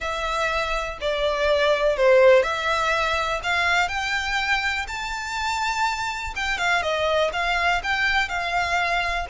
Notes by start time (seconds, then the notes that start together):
0.00 E5
1.00 D5
1.96 C5
2.42 E5
3.43 F5
3.88 G5
4.87 A5
6.35 G5
6.58 F5
6.82 D#5
7.32 F5
7.83 G5
8.28 F5